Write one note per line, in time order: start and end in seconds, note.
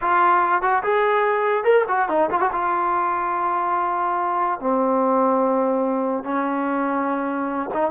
0.01 0.62 F4
0.62 0.82 F#4
0.83 1.63 G#4
1.63 1.84 A#4
1.88 2.09 F#4
2.09 2.29 D#4
2.30 2.40 F4
2.40 2.51 F#4
2.52 4.60 F4
4.60 6.24 C4
6.24 7.70 C#4
7.74 7.90 D#4